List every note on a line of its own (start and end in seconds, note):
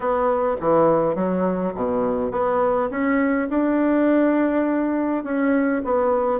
0.00 0.55 B3
0.60 1.15 E3
1.15 1.73 F#3
1.74 2.31 B2
2.31 2.89 B3
2.90 3.48 C#4
3.49 5.23 D4
5.23 5.82 C#4
5.84 6.39 B3